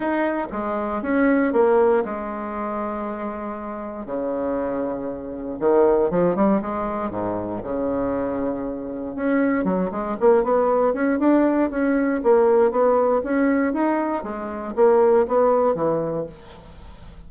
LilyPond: \new Staff \with { instrumentName = "bassoon" } { \time 4/4 \tempo 4 = 118 dis'4 gis4 cis'4 ais4 | gis1 | cis2. dis4 | f8 g8 gis4 gis,4 cis4~ |
cis2 cis'4 fis8 gis8 | ais8 b4 cis'8 d'4 cis'4 | ais4 b4 cis'4 dis'4 | gis4 ais4 b4 e4 | }